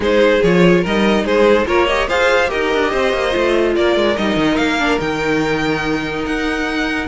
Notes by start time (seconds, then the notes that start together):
0.00 G#3 D#4 G#4 C5
0.42 F3 F4 C#5
0.82 G3 D#4 A#4 D#5
1.23 G#3 G#4 C5
1.66 A#3 F4 A#4 C#5
1.86 G4 D#5
2.07 F4 G#4 C5 F5
2.47 D#4 G4 A#4 D#5
2.73 D4
2.91 C4 C5
3.13 A#3
3.30 A3 F4
3.75 A#3 A#4 D5
3.96 G#3
4.16 G3 D#4 D#5
4.35 D#3
4.56 A#3 F5
4.78 D4
4.99 D#3 D#4 G5
6.25 D#4 F#5